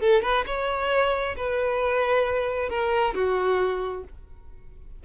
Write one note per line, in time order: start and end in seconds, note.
0.00 0.22 A4
0.22 0.44 B4
0.46 1.36 C#5
1.36 2.69 B4
2.69 3.14 A#4
3.14 4.04 F#4